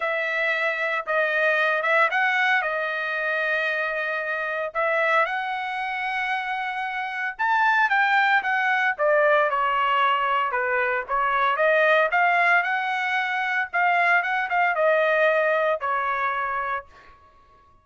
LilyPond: \new Staff \with { instrumentName = "trumpet" } { \time 4/4 \tempo 4 = 114 e''2 dis''4. e''8 | fis''4 dis''2.~ | dis''4 e''4 fis''2~ | fis''2 a''4 g''4 |
fis''4 d''4 cis''2 | b'4 cis''4 dis''4 f''4 | fis''2 f''4 fis''8 f''8 | dis''2 cis''2 | }